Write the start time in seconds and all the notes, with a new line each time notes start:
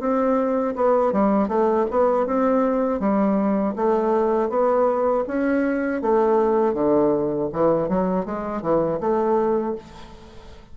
0.00 C4
0.76 B3
1.13 G3
1.49 A3
1.91 B3
2.27 C4
3.00 G3
3.76 A3
4.50 B3
5.28 C#4
6.02 A3
6.74 D3
7.53 E3
7.89 F#3
8.26 G#3
8.62 E3
9.01 A3